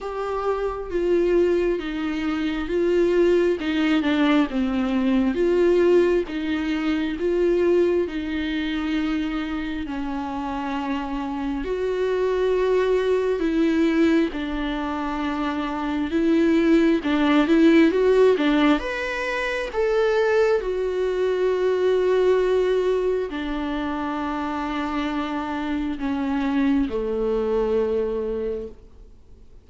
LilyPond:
\new Staff \with { instrumentName = "viola" } { \time 4/4 \tempo 4 = 67 g'4 f'4 dis'4 f'4 | dis'8 d'8 c'4 f'4 dis'4 | f'4 dis'2 cis'4~ | cis'4 fis'2 e'4 |
d'2 e'4 d'8 e'8 | fis'8 d'8 b'4 a'4 fis'4~ | fis'2 d'2~ | d'4 cis'4 a2 | }